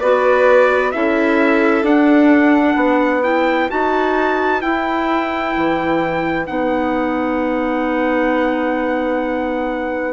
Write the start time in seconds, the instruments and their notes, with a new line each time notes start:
0.00 bassoon B3, clarinet F#4, violin B4, trumpet D5
0.92 bassoon C#4, clarinet E4, violin A4, trumpet E5
1.83 bassoon D4, clarinet D4, trumpet F#5
2.76 bassoon B3, violin B4
3.23 clarinet E4, trumpet G5
3.69 bassoon D#4, clarinet F#4, trumpet A5
4.61 clarinet E4, bassoon E4, trumpet G5
5.56 bassoon E3
6.47 bassoon B3, clarinet D#4, trumpet F#5